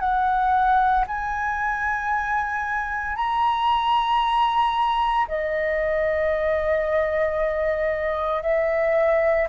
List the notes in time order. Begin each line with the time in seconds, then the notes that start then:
0.00 F#5
1.08 G#5
3.17 A#5
5.29 D#5
8.43 E5